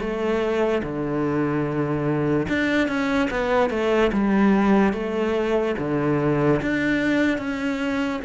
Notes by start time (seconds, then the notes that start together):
0.00 A3
0.83 D3
2.49 D4
2.88 C#4
3.30 B3
3.70 A3
4.12 G3
4.93 A3
5.79 D3
6.62 D4
7.38 C#4